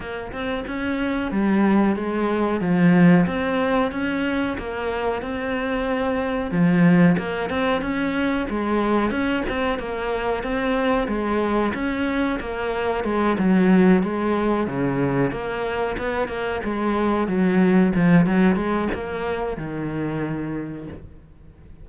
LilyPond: \new Staff \with { instrumentName = "cello" } { \time 4/4 \tempo 4 = 92 ais8 c'8 cis'4 g4 gis4 | f4 c'4 cis'4 ais4 | c'2 f4 ais8 c'8 | cis'4 gis4 cis'8 c'8 ais4 |
c'4 gis4 cis'4 ais4 | gis8 fis4 gis4 cis4 ais8~ | ais8 b8 ais8 gis4 fis4 f8 | fis8 gis8 ais4 dis2 | }